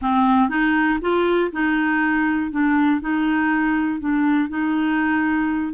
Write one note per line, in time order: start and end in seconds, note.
0.01 0.49 C4
0.49 0.99 D#4
1.01 1.51 F4
1.52 2.51 D#4
2.51 3.00 D4
3.00 4.00 D#4
4.00 4.49 D4
4.49 5.73 D#4